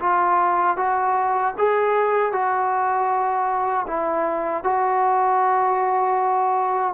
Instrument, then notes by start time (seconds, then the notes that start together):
trombone
0.00 F4
0.77 F#4
1.58 G#4
2.33 F#4
3.87 E4
4.64 F#4